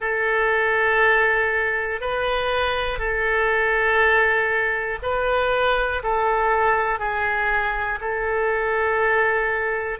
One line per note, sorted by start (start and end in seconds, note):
0.00 2.00 A4
2.00 2.99 B4
2.99 4.99 A4
5.02 6.02 B4
6.03 6.99 A4
6.99 7.99 G#4
8.00 9.99 A4